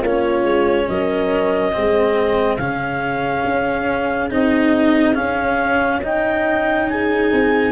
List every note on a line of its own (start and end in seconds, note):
0.00 0.44 A#3
0.00 1.72 C#4
0.00 0.86 F4
0.00 0.89 C#5
0.44 0.87 G#3
0.89 1.75 F#3
0.89 1.75 A#4
0.89 2.57 D#5
1.72 2.57 G#3
1.72 2.58 C4
1.72 6.03 G#4
2.57 3.43 C#3
2.57 4.30 C#4
2.57 4.28 F5
3.45 4.31 C#4
4.30 5.17 C4
4.30 5.15 D#4
4.30 5.15 D#5
5.15 6.00 C#4
5.15 7.32 C#4
5.15 6.00 F5
6.03 7.72 D#4
6.03 6.88 D#5
6.03 6.89 G5
6.89 7.72 G#4
6.89 7.72 G#5
7.32 7.72 C4